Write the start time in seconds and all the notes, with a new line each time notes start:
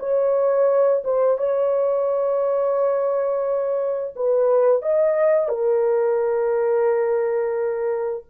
0.00 C#5
1.05 C5
1.38 C#5
4.16 B4
4.83 D#5
5.49 A#4